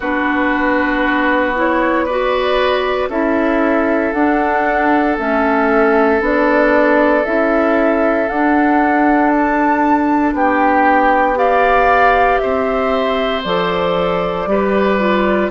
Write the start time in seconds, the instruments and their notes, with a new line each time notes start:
0.00 bassoon B3, clarinet D4, oboe F#4, flute B4
1.55 clarinet E4, flute C#5
2.05 clarinet F#4, oboe B4, flute D5
3.08 bassoon C#4, clarinet E4, oboe A4, flute E5
4.12 bassoon D4, clarinet D4, flute F#5
5.17 bassoon A3, clarinet C#4, flute E5
6.20 bassoon B3, clarinet D4, flute D5
7.24 bassoon C#4, clarinet E4, flute E5
8.28 clarinet D4, bassoon D4, flute F#5
9.29 flute A5
10.33 bassoon B3, oboe G4, flute G5
11.35 clarinet G4, oboe D5, flute F5
12.38 bassoon C4, oboe C5, flute E5
13.43 bassoon F3, clarinet A4, flute D5
14.46 bassoon G3, clarinet G4, oboe B4
14.99 clarinet F4